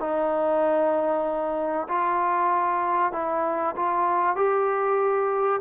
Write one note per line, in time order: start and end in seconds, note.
0.00 1.88 D#4
1.89 3.12 F4
3.12 3.75 E4
3.76 4.36 F4
4.36 5.61 G4